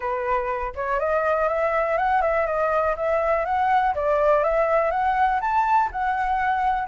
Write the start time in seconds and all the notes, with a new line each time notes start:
0.00 B4
0.75 C#5
0.99 D#5
1.48 E5
1.97 F#5
2.21 E5
2.46 D#5
2.96 E5
3.45 F#5
3.95 D5
4.43 E5
4.90 F#5
5.40 A5
5.92 F#5